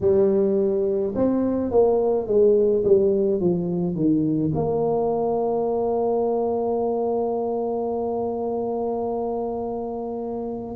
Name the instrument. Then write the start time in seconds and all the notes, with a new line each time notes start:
tuba
0.01 G3
1.15 C4
1.71 A#3
2.26 G#3
2.84 G3
3.40 F3
3.95 D#3
4.54 A#3